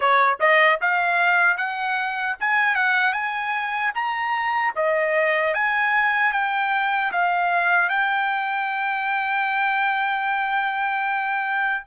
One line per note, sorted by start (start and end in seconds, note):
0.00 0.38 C#5
0.39 0.79 D#5
0.81 1.57 F5
1.57 2.36 F#5
2.40 2.75 G#5
2.75 3.13 F#5
3.13 3.92 G#5
3.94 4.73 A#5
4.75 5.54 D#5
5.54 6.32 G#5
6.32 7.11 G5
7.12 7.89 F5
7.89 11.83 G5